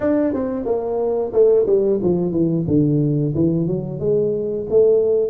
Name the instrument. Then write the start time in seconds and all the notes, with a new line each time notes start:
tuba
0.00 D4
0.33 C4
0.65 A#3
1.32 A3
1.66 G3
2.02 F3
2.31 E3
2.67 D3
3.35 E3
3.67 F#3
3.99 G#3
4.69 A3